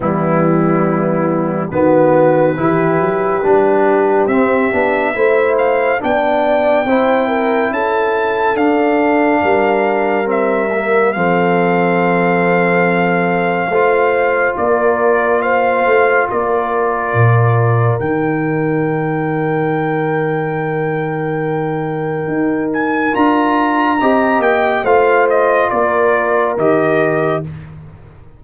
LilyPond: <<
  \new Staff \with { instrumentName = "trumpet" } { \time 4/4 \tempo 4 = 70 e'2 b'2~ | b'4 e''4. f''8 g''4~ | g''4 a''4 f''2 | e''4 f''2.~ |
f''4 d''4 f''4 d''4~ | d''4 g''2.~ | g''2~ g''8 gis''8 ais''4~ | ais''8 g''8 f''8 dis''8 d''4 dis''4 | }
  \new Staff \with { instrumentName = "horn" } { \time 4/4 b2 fis'4 g'4~ | g'2 c''4 d''4 | c''8 ais'8 a'2 ais'4~ | ais'4 a'2. |
c''4 ais'4 c''4 ais'4~ | ais'1~ | ais'1 | dis''4 c''4 ais'2 | }
  \new Staff \with { instrumentName = "trombone" } { \time 4/4 g2 b4 e'4 | d'4 c'8 d'8 e'4 d'4 | e'2 d'2 | c'8 ais8 c'2. |
f'1~ | f'4 dis'2.~ | dis'2. f'4 | g'4 f'2 g'4 | }
  \new Staff \with { instrumentName = "tuba" } { \time 4/4 e2 dis4 e8 fis8 | g4 c'8 b8 a4 b4 | c'4 cis'4 d'4 g4~ | g4 f2. |
a4 ais4. a8 ais4 | ais,4 dis2.~ | dis2 dis'4 d'4 | c'8 ais8 a4 ais4 dis4 | }
>>